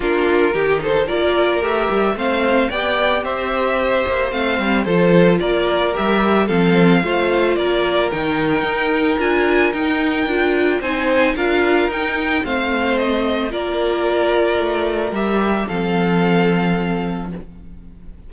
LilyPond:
<<
  \new Staff \with { instrumentName = "violin" } { \time 4/4 \tempo 4 = 111 ais'4. c''8 d''4 e''4 | f''4 g''4 e''2 | f''4 c''4 d''4 e''4 | f''2 d''4 g''4~ |
g''4 gis''4 g''2 | gis''4 f''4 g''4 f''4 | dis''4 d''2. | e''4 f''2. | }
  \new Staff \with { instrumentName = "violin" } { \time 4/4 f'4 g'8 a'8 ais'2 | c''4 d''4 c''2~ | c''4 a'4 ais'2 | a'4 c''4 ais'2~ |
ais'1 | c''4 ais'2 c''4~ | c''4 ais'2.~ | ais'4 a'2. | }
  \new Staff \with { instrumentName = "viola" } { \time 4/4 d'4 dis'4 f'4 g'4 | c'4 g'2. | c'4 f'2 g'4 | c'4 f'2 dis'4~ |
dis'4 f'4 dis'4 f'4 | dis'4 f'4 dis'4 c'4~ | c'4 f'2. | g'4 c'2. | }
  \new Staff \with { instrumentName = "cello" } { \time 4/4 ais4 dis4 ais4 a8 g8 | a4 b4 c'4. ais8 | a8 g8 f4 ais4 g4 | f4 a4 ais4 dis4 |
dis'4 d'4 dis'4 d'4 | c'4 d'4 dis'4 a4~ | a4 ais2 a4 | g4 f2. | }
>>